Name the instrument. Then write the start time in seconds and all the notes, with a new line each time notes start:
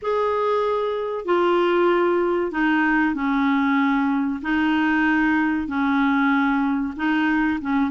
clarinet
0.01 G#4
1.25 F4
2.51 D#4
3.14 C#4
4.42 D#4
5.67 C#4
6.96 D#4
7.61 C#4